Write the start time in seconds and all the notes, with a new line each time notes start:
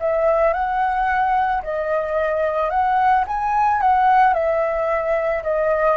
0.00 E5
0.53 F#5
1.63 D#5
2.70 F#5
3.27 G#5
3.81 F#5
4.33 E5
5.43 D#5